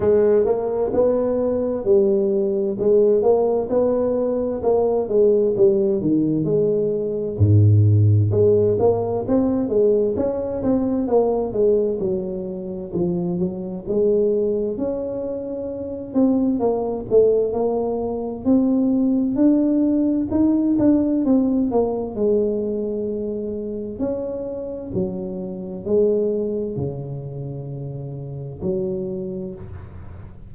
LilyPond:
\new Staff \with { instrumentName = "tuba" } { \time 4/4 \tempo 4 = 65 gis8 ais8 b4 g4 gis8 ais8 | b4 ais8 gis8 g8 dis8 gis4 | gis,4 gis8 ais8 c'8 gis8 cis'8 c'8 | ais8 gis8 fis4 f8 fis8 gis4 |
cis'4. c'8 ais8 a8 ais4 | c'4 d'4 dis'8 d'8 c'8 ais8 | gis2 cis'4 fis4 | gis4 cis2 fis4 | }